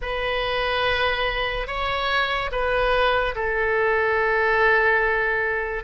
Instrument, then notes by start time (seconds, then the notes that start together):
oboe
0.01 B4
1.67 C#5
2.51 B4
3.35 A4